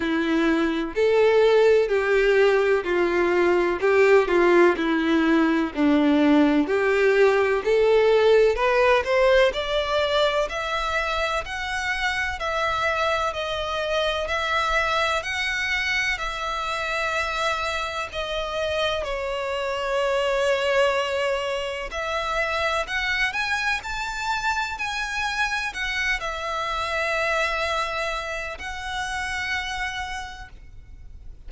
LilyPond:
\new Staff \with { instrumentName = "violin" } { \time 4/4 \tempo 4 = 63 e'4 a'4 g'4 f'4 | g'8 f'8 e'4 d'4 g'4 | a'4 b'8 c''8 d''4 e''4 | fis''4 e''4 dis''4 e''4 |
fis''4 e''2 dis''4 | cis''2. e''4 | fis''8 gis''8 a''4 gis''4 fis''8 e''8~ | e''2 fis''2 | }